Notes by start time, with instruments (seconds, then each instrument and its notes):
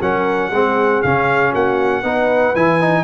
0.00 tuba F#3, trombone C#4, horn A#4, trumpet F#5
0.50 tuba G#3, trombone C4, horn G#4
1.02 tuba C#3, trombone C#4, trumpet F5
1.51 tuba A#3, horn F#4, trumpet F#5
2.01 tuba B3, trombone D#4, horn B4
2.55 tuba E3, trombone E4, trumpet G#5
2.80 trombone D#4